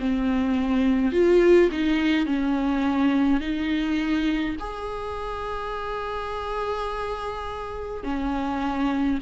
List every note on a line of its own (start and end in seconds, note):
0.00 1.12 C4
1.12 1.70 F4
1.72 2.27 D#4
2.27 3.41 C#4
3.41 4.56 D#4
4.60 8.04 G#4
8.04 9.19 C#4